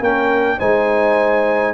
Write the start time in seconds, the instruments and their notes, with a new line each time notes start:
0.00 tuba A#3, trombone C#4, horn A#4, trumpet G5
0.58 tuba G#3, trombone D#4, horn C5, trumpet G#5